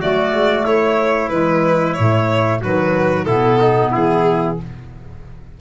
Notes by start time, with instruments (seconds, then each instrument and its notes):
0.00 tuba F#3, clarinet A3, trumpet F#4, violin D5
0.34 tuba G#3
0.65 tuba A3, trumpet E4, violin C#5
1.29 tuba E3, clarinet G#3, violin B4
1.94 tuba A2, clarinet A3, violin C#5
2.61 tuba D#3, clarinet F#3, trumpet F#4, violin B4
3.25 tuba B2, clarinet B3, trumpet E4, violin A4
3.61 trumpet D#4
3.92 tuba E3, trumpet E4, violin G#4